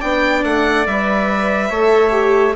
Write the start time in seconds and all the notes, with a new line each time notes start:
0.00 B3 D4 D5 G5
0.44 A3 F#5
0.87 G3 B4 E5
1.70 A3 A4 C#5
2.11 G4